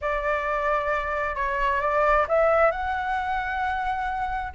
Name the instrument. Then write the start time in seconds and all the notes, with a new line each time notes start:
flute
0.01 D5
1.35 C#5
1.81 D5
2.28 E5
2.71 F#5